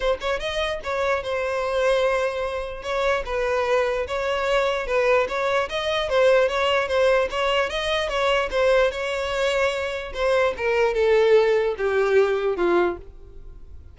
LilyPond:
\new Staff \with { instrumentName = "violin" } { \time 4/4 \tempo 4 = 148 c''8 cis''8 dis''4 cis''4 c''4~ | c''2. cis''4 | b'2 cis''2 | b'4 cis''4 dis''4 c''4 |
cis''4 c''4 cis''4 dis''4 | cis''4 c''4 cis''2~ | cis''4 c''4 ais'4 a'4~ | a'4 g'2 f'4 | }